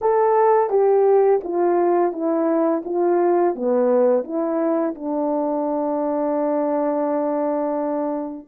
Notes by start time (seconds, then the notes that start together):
0.01 A4
0.69 G4
1.43 F4
2.12 E4
2.84 F4
3.55 B3
4.24 E4
4.94 D4